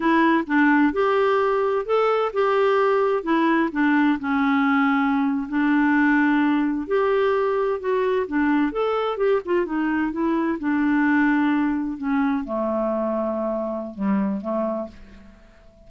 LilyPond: \new Staff \with { instrumentName = "clarinet" } { \time 4/4 \tempo 4 = 129 e'4 d'4 g'2 | a'4 g'2 e'4 | d'4 cis'2~ cis'8. d'16~ | d'2~ d'8. g'4~ g'16~ |
g'8. fis'4 d'4 a'4 g'16~ | g'16 f'8 dis'4 e'4 d'4~ d'16~ | d'4.~ d'16 cis'4 a4~ a16~ | a2 g4 a4 | }